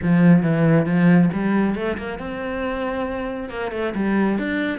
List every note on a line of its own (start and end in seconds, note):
0.02 0.42 F3
0.42 0.85 E3
0.85 1.29 F3
1.33 1.75 G3
1.75 1.97 A3
1.97 2.18 A#3
2.18 3.49 C4
3.49 3.71 A#3
3.71 3.93 A3
3.94 4.38 G3
4.38 4.79 D4